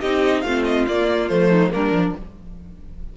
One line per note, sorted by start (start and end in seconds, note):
0.00 0.44 C4
0.00 0.45 D#4
0.00 0.43 G4
0.00 0.41 D#5
0.41 0.86 A3
0.41 0.88 C4
0.41 1.49 F4
0.41 0.63 F5
0.64 0.86 D#5
0.88 1.30 A#3
0.88 1.28 D5
1.28 1.73 F3
1.28 1.70 A3
1.28 1.71 C5
1.49 1.71 D#4
1.70 1.91 G3
1.70 1.92 A#3
1.70 2.17 D4
1.70 2.16 A#4
1.91 2.12 F3
1.91 2.16 D4